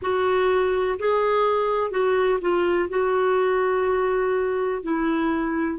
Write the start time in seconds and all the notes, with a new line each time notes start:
0.01 F#4
0.99 G#4
1.90 F#4
2.41 F4
2.89 F#4
4.82 E4